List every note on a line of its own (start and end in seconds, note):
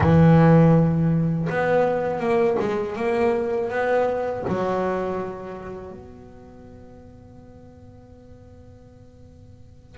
0.00 1.48 E3
1.49 2.19 B3
2.19 2.56 A#3
2.59 2.96 G#3
2.96 3.70 A#3
3.70 4.44 B3
4.48 5.91 F#3
5.91 9.97 B3